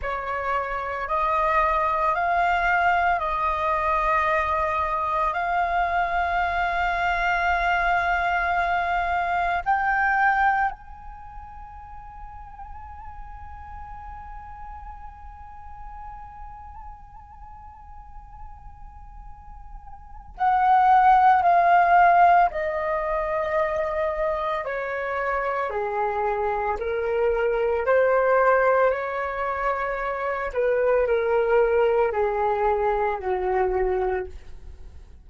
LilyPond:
\new Staff \with { instrumentName = "flute" } { \time 4/4 \tempo 4 = 56 cis''4 dis''4 f''4 dis''4~ | dis''4 f''2.~ | f''4 g''4 gis''2~ | gis''1~ |
gis''2. fis''4 | f''4 dis''2 cis''4 | gis'4 ais'4 c''4 cis''4~ | cis''8 b'8 ais'4 gis'4 fis'4 | }